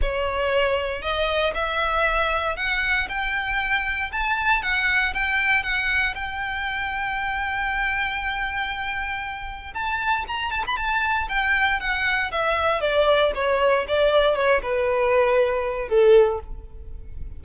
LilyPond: \new Staff \with { instrumentName = "violin" } { \time 4/4 \tempo 4 = 117 cis''2 dis''4 e''4~ | e''4 fis''4 g''2 | a''4 fis''4 g''4 fis''4 | g''1~ |
g''2. a''4 | ais''8 a''16 b''16 a''4 g''4 fis''4 | e''4 d''4 cis''4 d''4 | cis''8 b'2~ b'8 a'4 | }